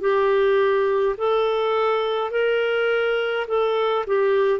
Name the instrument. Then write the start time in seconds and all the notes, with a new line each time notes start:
clarinet
0.00 G4
1.17 A4
2.31 A#4
3.47 A4
4.07 G4